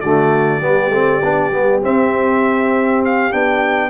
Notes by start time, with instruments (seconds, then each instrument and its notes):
0.00 tuba D3, trombone A3, horn F#4, trumpet D5
0.59 tuba G3, trombone B3, horn G4
0.90 tuba A3, trombone C4
1.22 tuba B3, trombone D4
1.51 tuba G3, trombone B3
1.82 trombone C4, tuba C4, trumpet E5
3.04 trumpet F5
3.31 tuba B3, trombone D4, trumpet G5